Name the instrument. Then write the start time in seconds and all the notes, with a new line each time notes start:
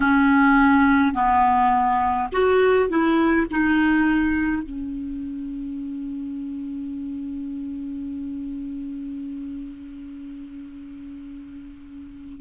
clarinet
0.00 C#4
1.13 B3
2.32 F#4
2.88 E4
3.50 D#4
4.63 C#4